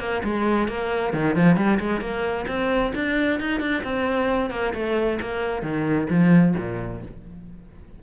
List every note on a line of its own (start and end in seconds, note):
0.00 0.23 A#3
0.24 0.68 G#3
0.68 1.14 A#3
1.14 1.36 D#3
1.36 1.57 F3
1.57 1.79 G3
1.80 2.01 G#3
2.01 2.46 A#3
2.48 2.93 C4
2.95 3.40 D4
3.41 3.61 D#4
3.61 3.83 D4
3.84 4.51 C4
4.51 4.74 A#3
4.75 5.20 A3
5.22 5.63 A#3
5.63 6.08 D#3
6.10 6.55 F3
6.58 7.03 A#2